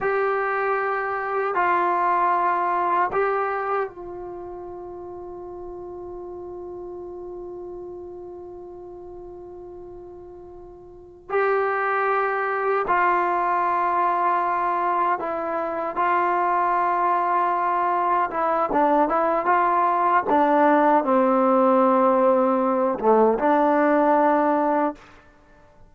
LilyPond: \new Staff \with { instrumentName = "trombone" } { \time 4/4 \tempo 4 = 77 g'2 f'2 | g'4 f'2.~ | f'1~ | f'2~ f'8 g'4.~ |
g'8 f'2. e'8~ | e'8 f'2. e'8 | d'8 e'8 f'4 d'4 c'4~ | c'4. a8 d'2 | }